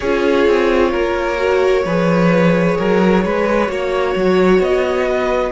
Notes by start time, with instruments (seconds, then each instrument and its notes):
0.00 cello C#4, viola F4, violin G#4 C#5
0.46 cello C4
0.91 cello A#3, violin A#4
1.37 viola F#4
1.84 cello F3, viola G#4, violin B4
2.77 cello F#3, violin A#4
3.25 cello G#3, violin B4
3.66 cello A#3, viola F#4, violin C#5
4.15 cello F#3
4.59 cello B3, violin D#5
5.07 violin B4